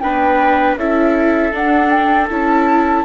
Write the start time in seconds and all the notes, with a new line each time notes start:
0.00 B3 D4 B4 G5
0.76 C#4 E4 A4 E5
1.52 D4 F#5
1.90 G5
2.30 C#4 E4 A5